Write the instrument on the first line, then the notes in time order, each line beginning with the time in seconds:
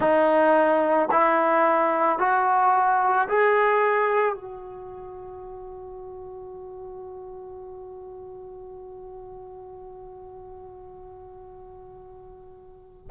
trombone
0.00 D#4
1.11 E4
2.18 F#4
3.28 G#4
4.34 F#4